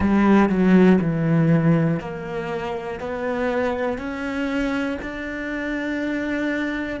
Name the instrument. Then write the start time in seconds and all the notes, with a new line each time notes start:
cello
0.00 G3
0.49 F#3
1.00 E3
2.00 A#3
3.00 B3
3.98 C#4
5.01 D4